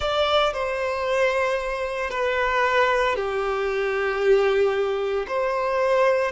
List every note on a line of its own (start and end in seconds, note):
0.00 0.53 D5
0.53 2.10 C5
2.10 3.15 B4
3.15 5.26 G4
5.27 6.32 C5